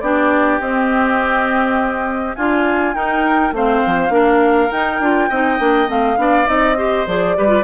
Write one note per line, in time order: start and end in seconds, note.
0.00 0.59 B3
0.00 0.61 D4
0.00 2.36 G4
0.00 0.59 D5
0.59 2.36 C4
0.59 2.37 C4
0.59 2.35 D#5
2.35 2.94 D4
2.35 2.95 F4
2.35 2.94 F4
2.35 2.94 G#5
2.94 3.51 D#4
2.94 3.53 D#4
2.94 3.54 A#4
2.94 3.53 G5
3.51 3.81 A3
3.51 4.10 C4
3.51 4.13 C5
3.51 4.71 F5
3.86 4.09 F3
4.09 4.68 A#3
4.09 4.69 D4
4.09 5.29 A#4
4.71 5.00 D#4
4.71 4.99 D#4
4.71 5.89 G5
4.99 5.29 D4
4.99 5.31 F4
5.29 5.59 C4
5.29 5.58 D#4
5.29 6.17 D#5
5.58 5.88 A#3
5.58 5.86 D4
5.86 6.17 A3
5.86 6.16 C4
5.86 6.47 F5
6.16 6.46 B3
6.16 6.45 D4
6.16 6.77 D5
6.45 7.06 C4
6.45 6.74 D#4
6.45 7.06 D#5
6.77 7.06 G4
6.77 7.36 C5
7.07 7.36 F3
7.07 7.36 G#4
7.07 7.64 D5
7.36 7.64 G3
7.36 7.47 G4
7.36 7.64 B4
7.47 7.62 F4